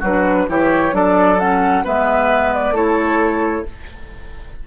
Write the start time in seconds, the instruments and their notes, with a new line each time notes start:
0.00 bassoon F#3, oboe F#4, flute B4
0.06 clarinet D4
0.48 bassoon E3, clarinet E4, oboe G4, flute C#5
0.92 bassoon F#3, clarinet D4, oboe A4, flute D5
1.40 clarinet C#4, flute F#5
1.84 bassoon G#3, clarinet B3, oboe B4, flute E5
2.54 flute D5
2.71 bassoon A3, clarinet E4, oboe A4, flute C#5